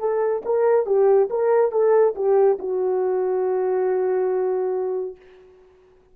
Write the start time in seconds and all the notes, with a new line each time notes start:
0.00 A4
0.45 A#4
0.86 G4
1.30 A#4
1.72 A4
2.15 G4
2.59 F#4